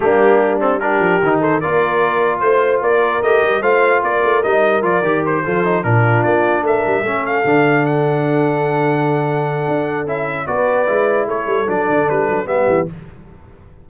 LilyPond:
<<
  \new Staff \with { instrumentName = "trumpet" } { \time 4/4 \tempo 4 = 149 g'4. a'8 ais'4. c''8 | d''2 c''4 d''4 | dis''4 f''4 d''4 dis''4 | d''4 c''4. ais'4 d''8~ |
d''8 e''4. f''4. fis''8~ | fis''1~ | fis''4 e''4 d''2 | cis''4 d''4 b'4 e''4 | }
  \new Staff \with { instrumentName = "horn" } { \time 4/4 d'2 g'4. a'8 | ais'2 c''4 ais'4~ | ais'4 c''4 ais'2~ | ais'4. a'4 f'4.~ |
f'8 ais'4 a'2~ a'8~ | a'1~ | a'2 b'2 | a'2. g'4 | }
  \new Staff \with { instrumentName = "trombone" } { \time 4/4 ais4. c'8 d'4 dis'4 | f'1 | g'4 f'2 dis'4 | f'8 g'4 f'8 dis'8 d'4.~ |
d'4. cis'4 d'4.~ | d'1~ | d'4 e'4 fis'4 e'4~ | e'4 d'2 b4 | }
  \new Staff \with { instrumentName = "tuba" } { \time 4/4 g2~ g8 f8 dis4 | ais2 a4 ais4 | a8 g8 a4 ais8 a8 g4 | f8 dis4 f4 ais,4 ais8~ |
ais8 a8 g8 a4 d4.~ | d1 | d'4 cis'4 b4 gis4 | a8 g8 fis8 d8 g8 fis8 g8 e8 | }
>>